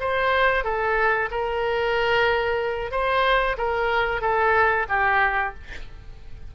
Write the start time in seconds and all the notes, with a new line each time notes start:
0.00 C5
0.64 A4
1.31 A#4
2.91 C5
3.58 A#4
4.21 A4
4.89 G4